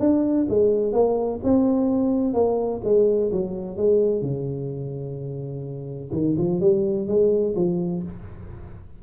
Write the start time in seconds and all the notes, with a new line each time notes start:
0.00 D4
0.49 G#3
0.93 A#3
1.44 C4
2.34 A#3
2.84 G#3
3.32 F#3
3.77 G#3
4.22 C#3
6.12 D#3
6.38 F3
6.61 G3
7.08 G#3
7.56 F3